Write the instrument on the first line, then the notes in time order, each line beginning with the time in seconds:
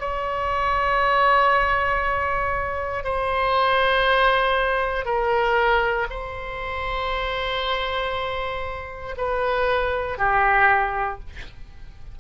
oboe
0.00 C#5
3.05 C5
5.06 A#4
6.11 C5
9.18 B4
10.18 G4